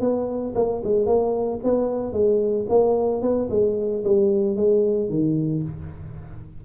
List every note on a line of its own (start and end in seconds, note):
0.00 0.54 B3
0.55 0.82 A#3
0.84 1.06 G#3
1.06 1.60 A#3
1.63 2.13 B3
2.13 2.66 G#3
2.69 3.22 A#3
3.22 3.48 B3
3.50 4.03 G#3
4.04 4.56 G3
4.56 5.09 G#3
5.09 5.63 D#3